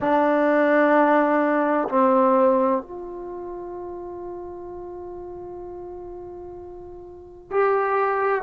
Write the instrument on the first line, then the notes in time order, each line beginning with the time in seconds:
trombone
0.00 D4
1.88 C4
2.82 F4
7.50 G4